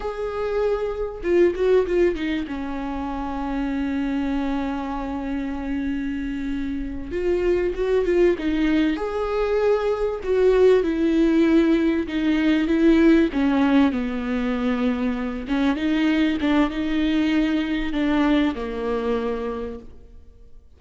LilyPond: \new Staff \with { instrumentName = "viola" } { \time 4/4 \tempo 4 = 97 gis'2 f'8 fis'8 f'8 dis'8 | cis'1~ | cis'2.~ cis'8 f'8~ | f'8 fis'8 f'8 dis'4 gis'4.~ |
gis'8 fis'4 e'2 dis'8~ | dis'8 e'4 cis'4 b4.~ | b4 cis'8 dis'4 d'8 dis'4~ | dis'4 d'4 ais2 | }